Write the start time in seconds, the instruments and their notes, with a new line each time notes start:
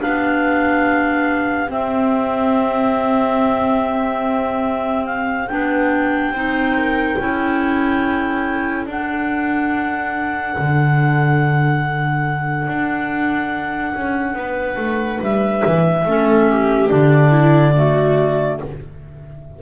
0.00 double bass B3, clarinet D4 F5, viola G4
1.68 clarinet C4 E5, double bass C4
5.05 clarinet F5
5.47 double bass B3, clarinet D4 G5
6.31 double bass C4, clarinet D#4, viola C5
6.77 viola A#4
7.18 double bass C#4, clarinet E4, viola A4
8.86 double bass D4, clarinet D4 F#5
10.58 double bass D3
12.68 double bass D4
13.95 double bass C#4
14.34 double bass B3, viola B4
14.77 double bass A3
15.21 double bass G3, clarinet E5
15.66 double bass E3
16.05 double bass A3, clarinet C#4, viola A4
16.50 viola G4
16.89 double bass D3, clarinet D4 D5
17.30 viola E4
17.76 clarinet A3, viola F#4